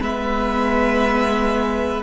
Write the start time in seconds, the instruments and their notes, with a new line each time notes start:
0.00 cello G#3, viola B3, violin B4 E5